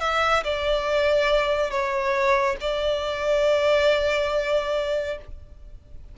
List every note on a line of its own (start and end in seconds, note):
0.00 0.43 E5
0.43 1.70 D5
1.70 2.56 C#5
2.60 5.17 D5